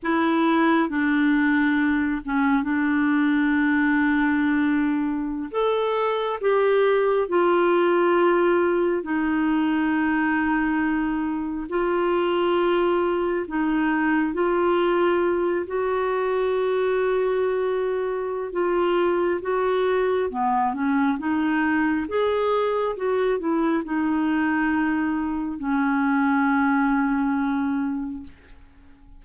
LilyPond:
\new Staff \with { instrumentName = "clarinet" } { \time 4/4 \tempo 4 = 68 e'4 d'4. cis'8 d'4~ | d'2~ d'16 a'4 g'8.~ | g'16 f'2 dis'4.~ dis'16~ | dis'4~ dis'16 f'2 dis'8.~ |
dis'16 f'4. fis'2~ fis'16~ | fis'4 f'4 fis'4 b8 cis'8 | dis'4 gis'4 fis'8 e'8 dis'4~ | dis'4 cis'2. | }